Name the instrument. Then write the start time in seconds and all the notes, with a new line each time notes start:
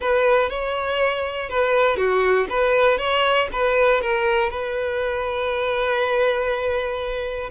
violin
0.00 B4
0.49 C#5
1.49 B4
1.97 F#4
2.49 B4
2.98 C#5
3.52 B4
4.01 A#4
4.50 B4